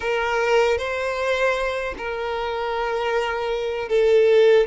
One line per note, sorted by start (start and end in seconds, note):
0.00 0.78 A#4
0.78 1.94 C5
1.97 3.88 A#4
3.88 4.66 A4